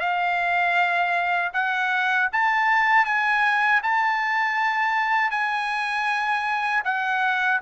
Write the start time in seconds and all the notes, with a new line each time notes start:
0.00 F5
1.53 F#5
2.32 A5
3.05 G#5
3.83 A5
5.31 G#5
6.85 F#5